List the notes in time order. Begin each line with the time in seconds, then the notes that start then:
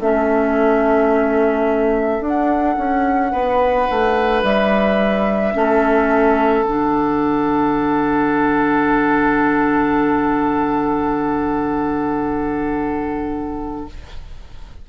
0.00 A3 C#4 A4 E5
2.20 D4 F#5
2.78 C#4
3.32 B3 B4
3.90 A3
4.43 G3 E5
5.53 A3 C#4 A4
6.63 D3 D4 F#5